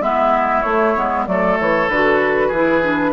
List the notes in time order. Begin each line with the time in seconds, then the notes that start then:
0.00 G#3 B3 E4 E5
0.62 A3 C#5
0.96 G#3 B3
1.26 F#3 A3 A4 D5
1.59 E3 C#5
1.89 D3 F#4 B4
2.47 E3 G#4
2.54 E4
2.83 D4